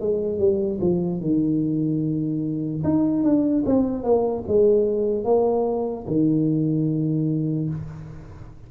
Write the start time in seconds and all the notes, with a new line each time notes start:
0.00 G#3
0.39 G3
0.81 F3
1.21 D#3
2.84 D#4
3.23 D4
3.66 C4
4.03 A#3
4.47 G#3
5.24 A#3
6.07 D#3